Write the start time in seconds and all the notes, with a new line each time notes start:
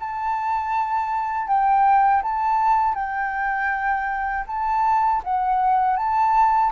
0.00 A5
1.48 G5
2.23 A5
2.95 G5
4.47 A5
5.24 F#5
5.97 A5